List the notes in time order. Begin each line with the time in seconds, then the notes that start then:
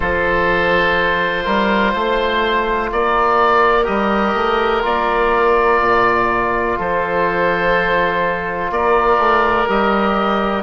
0.00 F3 F4 A4 C5
1.45 G3 A#4
1.93 A3 C5
2.92 A#3 A#4 D5
3.83 G3 G4 D#5
4.34 A3
4.81 A#3 F4 D5
5.80 A#2
6.77 F3 A4 C5
8.70 A#3 A#4 D5
9.17 A3
9.66 G3 G4 D#5